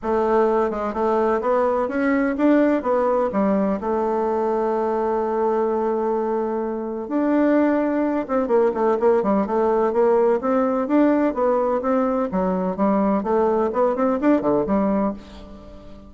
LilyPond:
\new Staff \with { instrumentName = "bassoon" } { \time 4/4 \tempo 4 = 127 a4. gis8 a4 b4 | cis'4 d'4 b4 g4 | a1~ | a2. d'4~ |
d'4. c'8 ais8 a8 ais8 g8 | a4 ais4 c'4 d'4 | b4 c'4 fis4 g4 | a4 b8 c'8 d'8 d8 g4 | }